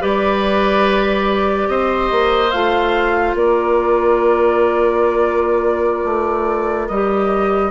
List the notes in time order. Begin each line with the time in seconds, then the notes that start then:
0.00 G3 G4 B4 D5
1.68 C4 C5 D#5
2.11 A#3
2.51 A3 F4 F5
3.34 A#3 A#4 D5
6.05 A3
6.88 G3 G4 D#5